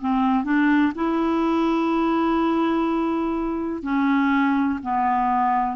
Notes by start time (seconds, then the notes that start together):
0.00 C4
0.44 D4
0.95 E4
3.82 C#4
4.83 B3